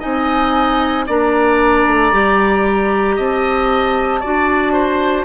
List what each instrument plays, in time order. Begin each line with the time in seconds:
0.00 bassoon C4, clarinet D#4, oboe D#5, flute G#5
1.07 bassoon A#3, clarinet D4, oboe D5, flute A#5
1.87 bassoon A3
2.13 bassoon G3, clarinet G4
3.16 bassoon C4, oboe D#5, flute A5
4.20 bassoon D4, clarinet F#4, oboe D5
4.73 oboe C5